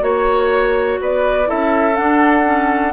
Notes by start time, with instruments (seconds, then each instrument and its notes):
0.00 bassoon A#3, clarinet F#4, flute C#5, oboe C#5
1.01 bassoon B3, oboe B4, flute D5
1.45 clarinet E4, oboe A4, flute E5
1.52 bassoon C#4
1.94 clarinet D4, bassoon D4, flute F#5
2.45 clarinet C#4